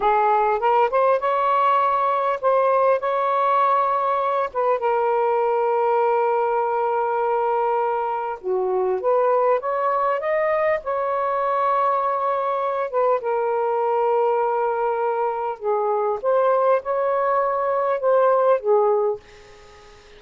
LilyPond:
\new Staff \with { instrumentName = "saxophone" } { \time 4/4 \tempo 4 = 100 gis'4 ais'8 c''8 cis''2 | c''4 cis''2~ cis''8 b'8 | ais'1~ | ais'2 fis'4 b'4 |
cis''4 dis''4 cis''2~ | cis''4. b'8 ais'2~ | ais'2 gis'4 c''4 | cis''2 c''4 gis'4 | }